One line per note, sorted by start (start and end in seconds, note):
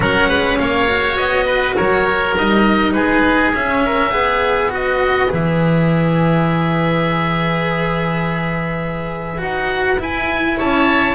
0.00 0.29 F#3
0.00 0.87 C#4
0.00 0.28 A#4
0.00 0.58 F#5
0.28 0.58 G#3
0.28 0.57 B4
0.58 1.16 A#3
0.58 1.45 C#5
0.58 1.16 F5
0.87 2.34 F#4
1.16 1.75 B3
1.16 1.75 D#5
1.45 1.75 B4
1.75 2.37 F#3
1.75 2.93 A#4
1.75 2.34 C#5
2.37 2.94 G3
2.37 3.54 D#4
2.37 2.92 D#5
2.92 3.53 G#3
2.92 3.83 G#4
2.92 3.51 B4
3.54 4.11 C#4
3.54 4.09 C#4
3.54 4.72 E5
3.85 4.13 A#4
4.09 5.27 B3
4.09 4.69 G#4
4.09 10.57 B4
4.69 5.28 F#4
4.69 5.32 D#5
5.29 9.42 E3
5.29 9.37 G#4
5.29 9.42 E5
9.37 9.99 D#4
9.37 9.96 F#4
9.37 10.00 F#5
9.98 11.14 E4
9.98 10.58 E4
9.98 10.59 G#5
10.57 11.14 C#4
10.57 11.14 C#5
10.57 11.14 A5